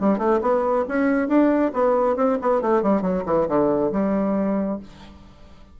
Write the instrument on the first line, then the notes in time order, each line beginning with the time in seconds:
bassoon
0.00 G3
0.18 A3
0.42 B3
0.88 C#4
1.28 D4
1.73 B3
2.16 C4
2.42 B3
2.61 A3
2.83 G3
3.02 F#3
3.26 E3
3.48 D3
3.92 G3